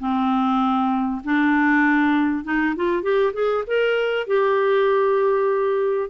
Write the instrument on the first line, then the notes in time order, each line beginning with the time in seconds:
clarinet
0.00 C4
1.25 D4
2.45 D#4
2.76 F4
3.03 G4
3.34 G#4
3.67 A#4
4.27 G4